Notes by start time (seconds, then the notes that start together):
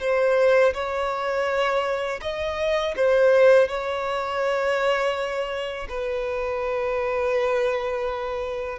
0.00 C5
0.74 C#5
2.21 D#5
2.96 C5
3.68 C#5
5.89 B4